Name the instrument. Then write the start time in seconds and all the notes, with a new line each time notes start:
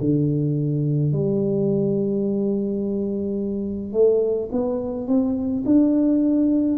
tuba
0.00 D3
1.12 G3
3.92 A3
4.51 B3
5.06 C4
5.65 D4